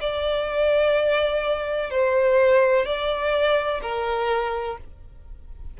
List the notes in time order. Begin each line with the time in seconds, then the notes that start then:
0.00 D5
1.90 C5
2.86 D5
3.82 A#4